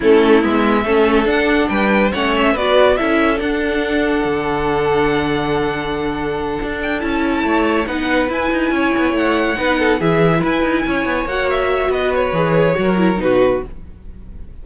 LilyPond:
<<
  \new Staff \with { instrumentName = "violin" } { \time 4/4 \tempo 4 = 141 a'4 e''2 fis''4 | g''4 fis''8 e''8 d''4 e''4 | fis''1~ | fis''1 |
g''8 a''2 fis''4 gis''8~ | gis''4. fis''2 e''8~ | e''8 gis''2 fis''8 e''4 | dis''8 cis''2~ cis''8 b'4 | }
  \new Staff \with { instrumentName = "violin" } { \time 4/4 e'2 a'2 | b'4 cis''4 b'4 a'4~ | a'1~ | a'1~ |
a'4. cis''4 b'4.~ | b'8 cis''2 b'8 a'8 gis'8~ | gis'8 b'4 cis''2~ cis''8 | b'2 ais'4 fis'4 | }
  \new Staff \with { instrumentName = "viola" } { \time 4/4 cis'4 b4 cis'4 d'4~ | d'4 cis'4 fis'4 e'4 | d'1~ | d'1~ |
d'8 e'2 dis'4 e'8~ | e'2~ e'8 dis'4 e'8~ | e'2~ e'8 fis'4.~ | fis'4 gis'4 fis'8 e'8 dis'4 | }
  \new Staff \with { instrumentName = "cello" } { \time 4/4 a4 gis4 a4 d'4 | g4 a4 b4 cis'4 | d'2 d2~ | d2.~ d8 d'8~ |
d'8 cis'4 a4 b4 e'8 | dis'8 cis'8 b8 a4 b4 e8~ | e8 e'8 dis'8 cis'8 b8 ais4. | b4 e4 fis4 b,4 | }
>>